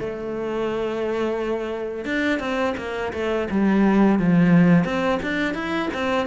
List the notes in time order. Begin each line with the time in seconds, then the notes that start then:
0.00 A3
2.05 D4
2.39 C4
2.78 A#3
3.13 A3
3.51 G3
4.19 F3
4.85 C4
5.23 D4
5.54 E4
5.94 C4